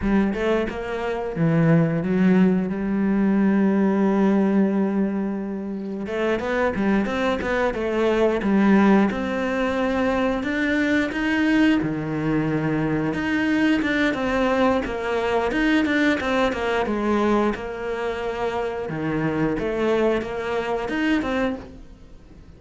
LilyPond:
\new Staff \with { instrumentName = "cello" } { \time 4/4 \tempo 4 = 89 g8 a8 ais4 e4 fis4 | g1~ | g4 a8 b8 g8 c'8 b8 a8~ | a8 g4 c'2 d'8~ |
d'8 dis'4 dis2 dis'8~ | dis'8 d'8 c'4 ais4 dis'8 d'8 | c'8 ais8 gis4 ais2 | dis4 a4 ais4 dis'8 c'8 | }